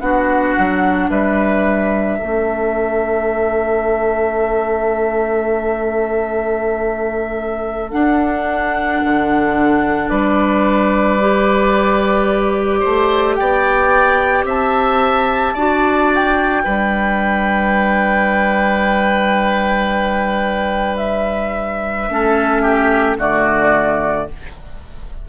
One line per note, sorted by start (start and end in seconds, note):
0.00 0.55 B3
0.00 2.20 D4
0.00 1.10 F#4
0.00 1.09 F#5
0.58 1.10 F#3
1.10 2.19 G3
1.10 2.18 B4
1.10 7.91 E5
2.18 7.93 A3
2.18 7.92 C#4
2.18 10.09 A4
7.91 11.19 D4
7.91 9.02 D4
7.91 10.08 F#5
9.04 10.10 D3
10.08 12.83 G3
10.08 12.80 B4
10.08 13.35 D5
11.20 15.56 G4
12.80 13.39 A3
12.80 13.34 C5
13.35 14.44 B3
13.35 14.45 D5
13.35 14.44 G5
14.44 15.53 C4
14.44 15.53 E5
14.44 16.12 A5
15.53 16.64 D4
15.53 16.65 F#4
15.53 16.62 D5
16.13 20.97 G5
16.64 22.09 G3
16.64 22.10 D4
16.64 22.10 B4
20.97 23.15 E5
22.09 23.17 A3
22.09 23.18 C#4
22.09 22.62 A4
22.62 23.17 G4
23.17 24.26 D3
23.17 24.27 A3
23.17 24.28 F#4
23.17 24.28 D5